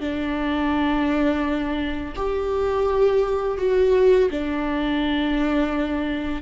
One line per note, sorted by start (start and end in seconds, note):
0.00 2.14 D4
2.15 3.57 G4
3.57 4.29 F#4
4.30 6.42 D4